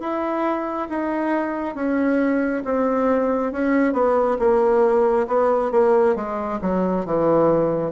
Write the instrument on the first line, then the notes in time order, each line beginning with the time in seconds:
bassoon
0.00 E4
0.90 D#4
1.75 C#4
2.65 C4
3.53 C#4
3.93 B3
4.40 A#3
5.28 B3
5.72 A#3
6.16 G#3
6.62 F#3
7.06 E3